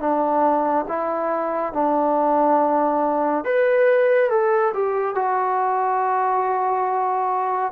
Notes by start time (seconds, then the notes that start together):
0.00 D4
0.88 E4
1.73 D4
3.45 B4
4.30 A4
4.74 G4
5.15 F#4